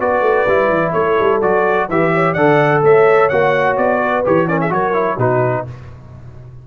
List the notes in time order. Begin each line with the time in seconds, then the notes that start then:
0.00 B3 F#4 B4 D5
0.21 A3
0.48 G3 E4
0.69 E3
0.93 A3 A4 C#5
1.20 G3
1.42 F#3 F#4 D5
1.89 E3 G4 B4 E5
2.14 C#5
2.33 D3 A4 D5 F#5
2.83 A3 C#5 E5
3.29 A#3 F#4 F#5
3.78 B3 D5
4.02 B4
4.25 E3 G4 C#5
4.48 C#4 A#4 D5
4.61 G#4 E5
4.70 F#3 F#4 A#4 C#5
4.94 E4
5.17 B2 D#4 F#4 B4